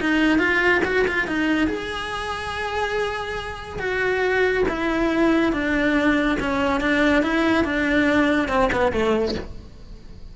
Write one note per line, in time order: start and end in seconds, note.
0.00 0.38 D#4
0.38 0.81 F4
0.84 1.06 F#4
1.07 1.27 F4
1.27 1.67 D#4
1.67 3.79 G#4
3.79 4.64 F#4
4.68 5.52 E4
5.52 6.37 D4
6.39 6.80 C#4
6.80 7.22 D4
7.22 7.64 E4
7.64 8.48 D4
8.48 8.69 C4
8.72 8.92 B3
8.92 9.34 A3